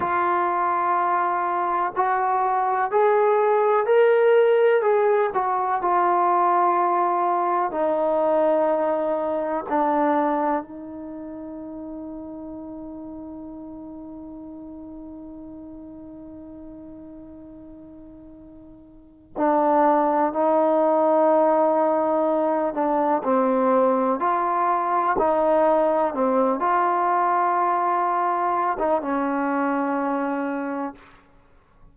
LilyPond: \new Staff \with { instrumentName = "trombone" } { \time 4/4 \tempo 4 = 62 f'2 fis'4 gis'4 | ais'4 gis'8 fis'8 f'2 | dis'2 d'4 dis'4~ | dis'1~ |
dis'1 | d'4 dis'2~ dis'8 d'8 | c'4 f'4 dis'4 c'8 f'8~ | f'4.~ f'16 dis'16 cis'2 | }